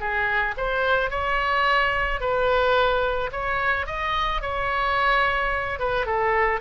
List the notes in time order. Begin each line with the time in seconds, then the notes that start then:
0.00 G#4
0.57 C5
1.11 C#5
2.20 B4
3.32 C#5
3.87 D#5
4.42 C#5
5.79 B4
6.06 A4